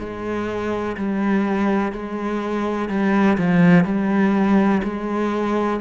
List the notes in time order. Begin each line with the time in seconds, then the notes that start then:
0.00 G#3
0.97 G3
1.93 G#3
2.89 G3
3.38 F3
3.85 G3
4.84 G#3